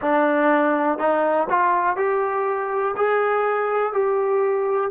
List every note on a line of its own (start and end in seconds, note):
0.01 0.98 D4
0.98 1.48 D#4
1.49 1.96 F4
1.96 2.95 G4
2.96 3.93 G#4
3.93 4.90 G4